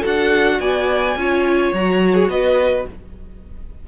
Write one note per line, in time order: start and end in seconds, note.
0.00 0.60 D4
0.00 1.16 F#4
0.00 0.57 A4
0.07 0.61 F#5
0.60 1.16 B3
0.60 1.18 D5
0.60 1.74 G#5
1.16 1.73 C#4
1.16 1.75 F4
1.16 2.31 C#5
1.73 2.28 F#3
1.73 2.88 F#4
1.73 2.15 A#5
2.15 2.29 G#4
2.28 2.85 B3
2.28 2.88 B4
2.28 2.87 D#5